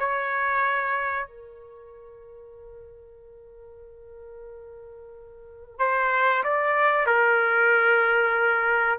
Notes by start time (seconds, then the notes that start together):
0.00 C#5
1.28 A#4
5.79 C5
6.44 D5
7.07 A#4